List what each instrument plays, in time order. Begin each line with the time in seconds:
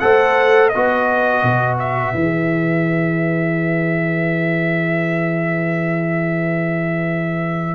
0.00 tuba A3, trombone A4, horn C5, trumpet F#5
0.69 trombone F#4, horn B4, trumpet D#5
0.75 tuba B3
1.43 tuba B2
1.79 trumpet E5
2.14 tuba E3, trombone G#4